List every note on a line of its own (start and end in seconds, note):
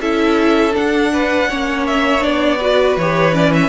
0.00 0.74 C#4
0.00 0.72 E4
0.00 1.12 A4
0.00 0.75 E5
0.72 1.46 D4
0.72 1.87 F#5
0.78 1.52 D4
1.12 1.49 B4
1.49 2.24 A#3
1.49 2.19 C#4
1.49 2.58 C#5
1.87 2.23 E5
2.19 2.96 B3
2.19 2.56 D4
2.19 2.97 D5
2.58 2.98 F#4
2.58 3.69 B4
2.96 3.69 E3
2.96 3.33 G4
2.96 3.34 C#5
3.33 3.69 C#4
3.33 3.53 D5
3.53 3.69 E5